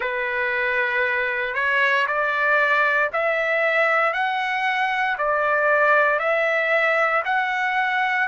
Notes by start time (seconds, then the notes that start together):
0.00 B4
1.54 C#5
2.07 D5
3.12 E5
4.13 F#5
5.17 D5
6.19 E5
7.25 F#5